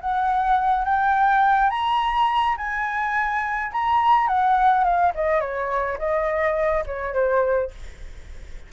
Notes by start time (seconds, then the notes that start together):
0.00 F#5
0.85 G5
1.70 A#5
2.57 G#5
3.72 A#5
4.27 F#5
4.84 F5
5.14 D#5
5.40 C#5
5.98 D#5
6.86 C#5
7.14 C5